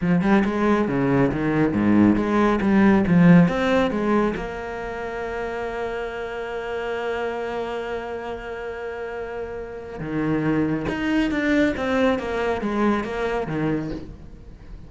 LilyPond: \new Staff \with { instrumentName = "cello" } { \time 4/4 \tempo 4 = 138 f8 g8 gis4 cis4 dis4 | gis,4 gis4 g4 f4 | c'4 gis4 ais2~ | ais1~ |
ais1~ | ais2. dis4~ | dis4 dis'4 d'4 c'4 | ais4 gis4 ais4 dis4 | }